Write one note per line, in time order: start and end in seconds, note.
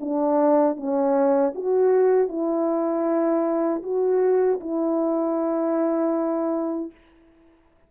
0.00 0.76 D4
0.76 1.53 C#4
1.55 2.28 F#4
2.28 3.82 E4
3.82 4.59 F#4
4.60 6.91 E4